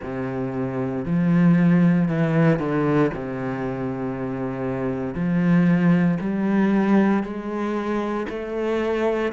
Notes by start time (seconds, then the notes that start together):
0.02 C3
1.05 F3
2.08 E3
2.59 D3
3.13 C3
5.14 F3
6.20 G3
7.23 G#3
8.29 A3